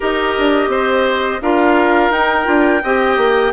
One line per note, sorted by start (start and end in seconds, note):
0.00 0.37 D#4
0.00 1.41 G4
0.00 0.69 A#4
0.00 1.42 D#5
0.38 0.67 D4
0.67 1.38 C4
0.67 1.41 C5
1.41 2.10 D4
1.41 2.12 F4
1.41 2.83 A#4
1.41 2.12 F5
2.10 2.45 D#4
2.10 2.44 D#4
2.10 3.52 G5
2.44 2.82 D4
2.44 2.79 F4
2.83 3.17 C4
2.83 3.52 G4
2.83 3.52 D#5
3.17 3.52 A#3